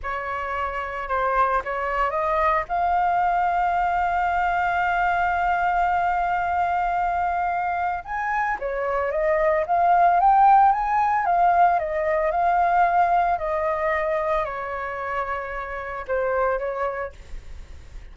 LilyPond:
\new Staff \with { instrumentName = "flute" } { \time 4/4 \tempo 4 = 112 cis''2 c''4 cis''4 | dis''4 f''2.~ | f''1~ | f''2. gis''4 |
cis''4 dis''4 f''4 g''4 | gis''4 f''4 dis''4 f''4~ | f''4 dis''2 cis''4~ | cis''2 c''4 cis''4 | }